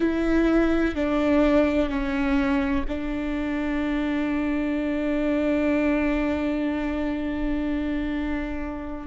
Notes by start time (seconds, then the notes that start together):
0.00 E4
0.95 D4
1.89 C#4
2.88 D4